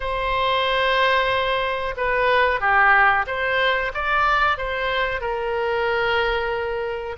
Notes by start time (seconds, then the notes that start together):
0.00 C5
1.97 B4
2.60 G4
3.26 C5
3.94 D5
4.57 C5
5.21 A#4